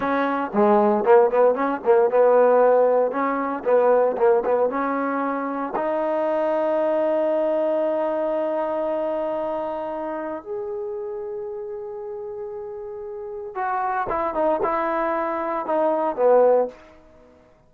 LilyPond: \new Staff \with { instrumentName = "trombone" } { \time 4/4 \tempo 4 = 115 cis'4 gis4 ais8 b8 cis'8 ais8 | b2 cis'4 b4 | ais8 b8 cis'2 dis'4~ | dis'1~ |
dis'1 | gis'1~ | gis'2 fis'4 e'8 dis'8 | e'2 dis'4 b4 | }